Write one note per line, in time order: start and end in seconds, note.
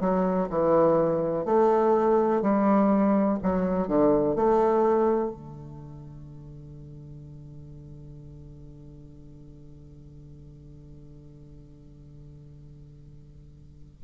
0.00 0.48 F#3
0.49 1.45 E3
1.45 2.41 A3
2.41 3.38 G3
3.43 3.88 F#3
3.88 4.35 D3
4.35 5.30 A3
5.30 14.01 D3